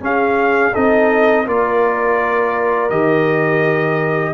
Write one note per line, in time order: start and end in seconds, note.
0.00 0.72 C#4
0.00 0.73 G#4
0.00 0.74 F5
0.73 1.46 C4
0.73 1.46 D#4
0.73 1.45 A4
0.73 1.47 D#5
1.45 2.90 A#3
1.45 2.90 F4
1.45 4.33 A#4
1.45 2.89 D5
2.89 4.33 D#3
2.89 4.33 G4
2.89 4.33 D#5